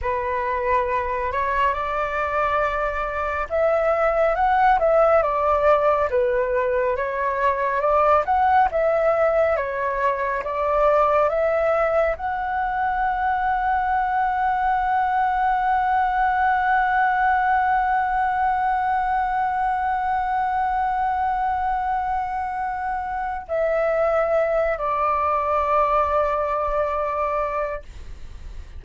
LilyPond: \new Staff \with { instrumentName = "flute" } { \time 4/4 \tempo 4 = 69 b'4. cis''8 d''2 | e''4 fis''8 e''8 d''4 b'4 | cis''4 d''8 fis''8 e''4 cis''4 | d''4 e''4 fis''2~ |
fis''1~ | fis''1~ | fis''2. e''4~ | e''8 d''2.~ d''8 | }